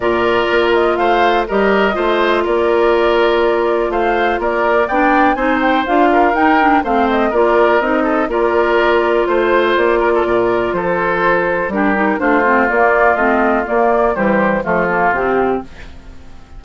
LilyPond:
<<
  \new Staff \with { instrumentName = "flute" } { \time 4/4 \tempo 4 = 123 d''4. dis''8 f''4 dis''4~ | dis''4 d''2. | f''4 d''4 g''4 gis''8 g''8 | f''4 g''4 f''8 dis''8 d''4 |
dis''4 d''2 c''4 | d''2 c''2 | ais'4 c''4 d''4 dis''4 | d''4 c''4 a'4 g'4 | }
  \new Staff \with { instrumentName = "oboe" } { \time 4/4 ais'2 c''4 ais'4 | c''4 ais'2. | c''4 ais'4 d''4 c''4~ | c''8 ais'4. c''4 ais'4~ |
ais'8 a'8 ais'2 c''4~ | c''8 ais'16 a'16 ais'4 a'2 | g'4 f'2.~ | f'4 g'4 f'2 | }
  \new Staff \with { instrumentName = "clarinet" } { \time 4/4 f'2. g'4 | f'1~ | f'2 d'4 dis'4 | f'4 dis'8 d'8 c'4 f'4 |
dis'4 f'2.~ | f'1 | d'8 dis'8 d'8 c'8 ais4 c'4 | ais4 g4 a8 ais8 c'4 | }
  \new Staff \with { instrumentName = "bassoon" } { \time 4/4 ais,4 ais4 a4 g4 | a4 ais2. | a4 ais4 b4 c'4 | d'4 dis'4 a4 ais4 |
c'4 ais2 a4 | ais4 ais,4 f2 | g4 a4 ais4 a4 | ais4 e4 f4 c4 | }
>>